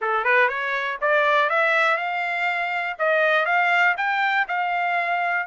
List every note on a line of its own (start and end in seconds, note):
0.01 0.24 A4
0.24 0.48 B4
0.48 0.98 C#5
1.01 1.49 D5
1.49 1.97 E5
1.97 2.96 F5
2.99 3.45 D#5
3.45 3.95 F5
3.97 4.46 G5
4.48 5.47 F5